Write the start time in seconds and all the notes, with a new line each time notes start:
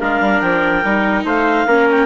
0.00 G#3 D4 A#4 F5
0.20 G3
0.41 F3 G5
0.84 G3 D#4
1.24 A3 C5 F5
1.67 A#3 C#4 A#4
1.90 G5